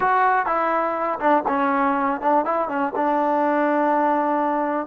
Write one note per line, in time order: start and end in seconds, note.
0.00 0.46 F#4
0.46 1.19 E4
1.19 1.43 D4
1.48 2.20 C#4
2.20 2.45 D4
2.45 2.68 E4
2.68 2.92 C#4
2.95 4.86 D4